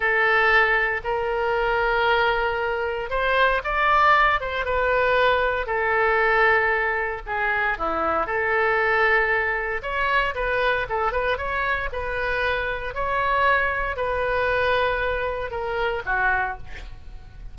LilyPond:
\new Staff \with { instrumentName = "oboe" } { \time 4/4 \tempo 4 = 116 a'2 ais'2~ | ais'2 c''4 d''4~ | d''8 c''8 b'2 a'4~ | a'2 gis'4 e'4 |
a'2. cis''4 | b'4 a'8 b'8 cis''4 b'4~ | b'4 cis''2 b'4~ | b'2 ais'4 fis'4 | }